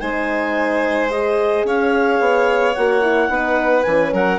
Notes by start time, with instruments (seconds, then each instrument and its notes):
0.00 bassoon G#3, horn D#4, violin C5, clarinet G#5
1.10 horn G#4, clarinet D#5
1.64 bassoon C#4, violin C#5, clarinet F5
2.20 bassoon B3
2.75 bassoon A#3, horn F#4, clarinet F#5
3.02 horn E4
3.29 bassoon B3, horn D#4, violin B4
3.83 bassoon E3, horn C#4, clarinet G#5
4.13 bassoon F#3, violin A#4, clarinet F#5